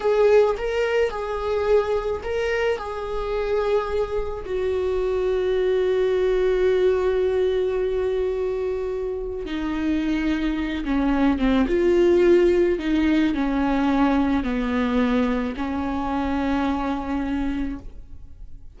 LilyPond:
\new Staff \with { instrumentName = "viola" } { \time 4/4 \tempo 4 = 108 gis'4 ais'4 gis'2 | ais'4 gis'2. | fis'1~ | fis'1~ |
fis'4 dis'2~ dis'8 cis'8~ | cis'8 c'8 f'2 dis'4 | cis'2 b2 | cis'1 | }